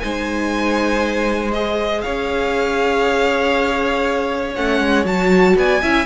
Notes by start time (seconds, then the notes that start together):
0.00 G#3 D#4 C5 G#5
1.51 G#4 D#5
2.02 C#4 C#5 F5
4.56 A3 C#4 F#5
4.80 G#3
5.05 F#3 F#4 A5
5.56 B3 D5 G#5
5.82 C#4 E4 E5